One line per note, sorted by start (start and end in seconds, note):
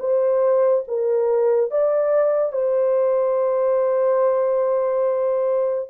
0.00 0.85 C5
0.88 1.71 A#4
1.71 2.53 D5
2.53 5.90 C5